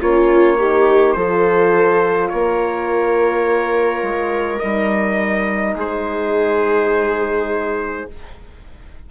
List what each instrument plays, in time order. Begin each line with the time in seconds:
0.00 bassoon A#3, horn C#4, viola F4, trumpet C#5
0.58 horn D#4, viola G4
1.12 bassoon F3, horn F4, viola A4, trumpet C5
2.29 bassoon A#3, viola A#4, trumpet C#5
4.02 bassoon G#3
4.58 bassoon G3, horn D#4, trumpet D#5
5.75 bassoon G#3, viola G#4, trumpet C5